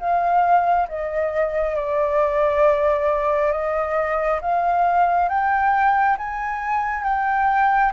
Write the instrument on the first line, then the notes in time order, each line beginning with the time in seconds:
flute
0.00 F5
0.89 D#5
1.76 D5
3.52 D#5
4.42 F5
5.29 G5
6.18 G#5
7.04 G5